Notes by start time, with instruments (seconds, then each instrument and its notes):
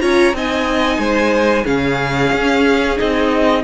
0.00 cello C#4, viola F4, violin C#5 A#5
0.33 cello C4, viola D#4, violin D#5 G#5
0.98 cello G#3, violin C5
1.64 cello C#3, viola C#4, violin G#4 F5
2.33 cello C#4
2.96 cello C4, viola D#4, violin D#5